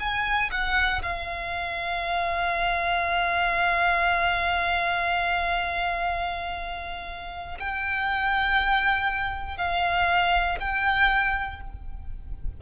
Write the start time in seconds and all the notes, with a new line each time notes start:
0.00 G#5
0.52 F#5
1.02 F5
7.60 G5
9.58 F5
10.60 G5